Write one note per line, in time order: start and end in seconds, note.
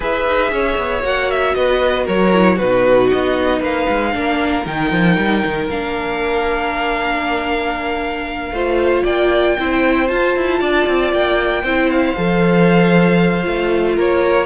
0.00 0.25 E4
0.00 1.02 G#4
0.00 0.51 B4
0.00 1.04 E5
0.27 0.51 D#4
0.51 0.77 C#4
0.51 1.55 C#5
0.77 1.03 B3
1.02 1.55 A#3
1.02 2.31 F#4
1.02 1.30 F#5
1.30 1.54 E5
1.54 2.07 B3
1.54 2.05 B4
1.54 2.06 D#5
2.05 2.59 F#3
2.05 2.56 A#4
2.05 2.58 C#5
2.33 2.59 E4
2.56 3.11 B2
2.56 4.12 D#4
2.56 3.59 F#4
2.56 3.09 B4
3.10 3.61 B3
3.10 3.62 D#5
3.59 3.86 A#3
3.59 4.11 B4
3.59 4.66 F5
3.89 4.15 G#3
4.12 4.66 A#3
4.12 4.64 D4
4.12 8.52 A#4
4.65 4.91 D#3
4.65 5.68 D#4
4.65 5.69 G5
4.91 5.17 F3
5.17 5.43 G3
5.45 5.69 D#3
5.69 8.51 A#3
5.69 8.55 D4
5.69 9.04 F5
8.51 9.02 A3
8.51 9.58 F4
8.51 9.03 C5
9.03 9.57 A#3
9.03 9.55 D5
9.03 10.07 G5
9.58 10.10 C4
9.58 10.08 E4
9.58 10.59 C5
10.07 11.63 F4
10.07 10.35 F4
10.07 11.11 A5
10.35 10.60 E4
10.59 10.86 D4
10.59 11.62 D5
10.87 11.12 C4
11.12 11.63 A#3
11.12 11.90 G5
11.63 12.14 C4
11.63 12.16 E4
11.63 13.95 C5
11.90 13.97 F5
12.16 13.46 F3
12.16 13.42 A4
13.42 13.97 A3
13.42 14.45 F4
13.95 14.46 A#3
13.95 14.46 A#4
13.95 14.46 C#5